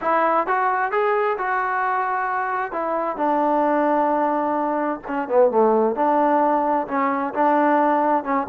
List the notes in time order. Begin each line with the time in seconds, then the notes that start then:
0.01 E4
0.46 F#4
0.91 G#4
1.38 F#4
2.72 E4
3.16 D4
5.07 C#4
5.28 B3
5.50 A3
5.95 D4
6.87 C#4
7.34 D4
8.23 C#4